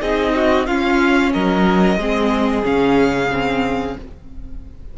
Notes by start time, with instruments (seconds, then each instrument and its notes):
0.00 cello C4, viola D#4, violin G#4 D#5
0.35 violin F#4
0.66 viola C#4, cello C#4, violin F4 F5
1.33 cello F#3, violin A#4 D#5
1.97 cello G#3, viola C4, violin G#4
2.63 cello C#3, viola C#4, violin F5
3.31 viola C4